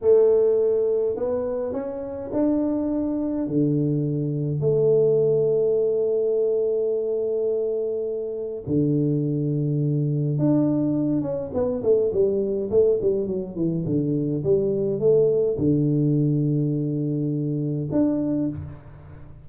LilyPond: \new Staff \with { instrumentName = "tuba" } { \time 4/4 \tempo 4 = 104 a2 b4 cis'4 | d'2 d2 | a1~ | a2. d4~ |
d2 d'4. cis'8 | b8 a8 g4 a8 g8 fis8 e8 | d4 g4 a4 d4~ | d2. d'4 | }